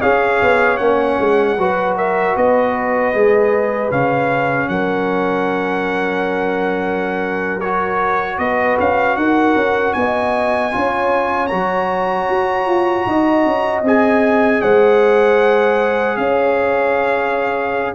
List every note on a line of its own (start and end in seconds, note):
0.00 0.41 C#4
0.00 0.79 G#4
0.00 1.56 C#5
0.00 0.77 F5
0.42 0.79 B3
0.77 1.18 A#3
0.77 1.57 C#4
0.77 1.94 F#5
1.19 1.57 G#3
1.57 2.35 F#3
1.57 3.14 F#4
1.57 1.96 B4
1.96 2.35 A#4
1.96 2.36 E5
2.35 3.14 B3
2.35 4.69 B4
2.35 3.91 D#5
3.14 3.91 G#3
3.14 3.90 G#4
3.90 4.69 C#3
3.90 7.60 C#4
3.90 4.68 F5
4.68 8.38 F#3
4.68 8.39 A#4
4.68 7.60 F#5
7.60 10.71 F#4
7.60 8.38 C#5
8.38 8.77 B3
8.38 9.17 B4
8.38 8.77 D#5
8.79 9.16 C#4
8.79 9.16 F5
9.16 9.55 D#4
9.16 9.96 A#4
9.16 9.93 F#5
9.55 9.94 C#4
9.93 10.73 B3
9.93 10.75 D#5
9.93 11.46 G#5
10.71 11.52 C#4
10.71 11.49 F4
10.71 13.08 C#5
11.46 12.29 F#3
11.46 13.84 F#4
11.46 13.80 A#5
12.29 12.67 F#4
12.67 13.06 F4
13.06 13.45 D#4
13.06 14.62 D#5
13.45 13.82 C#4
13.82 14.60 C4
13.82 17.94 G#4
13.82 14.61 G#5
14.61 16.17 G#3
14.61 16.18 C5
14.61 16.17 F#5
16.17 17.92 C#4
16.17 17.94 C#5
16.17 17.92 F5